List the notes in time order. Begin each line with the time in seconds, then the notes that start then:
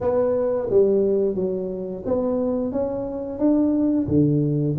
0.00 B3
0.69 G3
1.35 F#3
2.05 B3
2.71 C#4
3.38 D4
4.07 D3